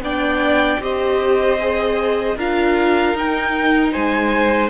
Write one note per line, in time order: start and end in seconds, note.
0.00 0.78 B3
0.00 0.81 D4
0.00 0.81 D5
0.00 0.82 G5
0.80 2.35 C4
0.80 1.59 G4
0.80 2.37 C5
0.80 2.39 D#5
1.60 2.38 G#4
2.37 3.14 D4
2.37 3.16 F4
2.37 3.93 A#4
2.37 3.18 F5
3.14 3.92 D#4
3.14 4.70 D#4
3.14 3.92 G5
3.92 4.70 G#3
3.92 4.70 C5
3.92 4.70 G#5